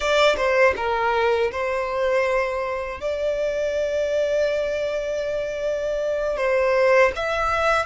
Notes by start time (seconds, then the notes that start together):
0.00 D5
0.36 C5
0.76 A#4
1.51 C5
3.00 D5
6.36 C5
7.15 E5